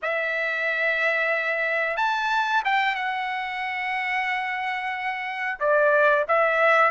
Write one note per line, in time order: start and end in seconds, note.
0.02 1.96 E5
1.96 2.62 A5
2.64 2.95 G5
2.95 5.59 F#5
5.59 6.25 D5
6.28 6.91 E5